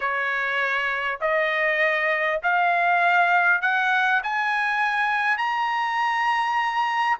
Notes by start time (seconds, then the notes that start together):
0.00 C#5
1.20 D#5
2.42 F5
3.61 F#5
4.23 G#5
5.37 A#5